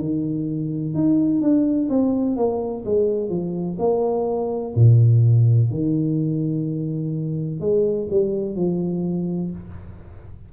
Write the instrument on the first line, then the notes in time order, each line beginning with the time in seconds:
tuba
0.00 D#3
0.95 D#4
1.42 D4
1.90 C4
2.37 A#3
2.85 G#3
3.30 F3
3.79 A#3
4.76 A#2
5.71 D#3
7.61 G#3
8.11 G3
8.56 F3